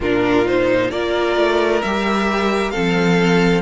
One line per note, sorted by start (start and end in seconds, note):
0.00 0.91 A#2
0.00 0.45 D4
0.00 0.91 F4
0.00 0.47 A#4
0.45 0.91 D#4
0.45 0.91 C5
0.91 1.36 A#3
0.91 1.82 F4
0.91 2.71 A#4
0.91 1.81 D5
1.36 1.81 A3
1.81 2.75 G3
1.81 2.73 G4
1.81 2.70 E5
2.70 3.61 F3
2.70 3.61 C4
2.70 3.61 A4
2.70 3.61 F5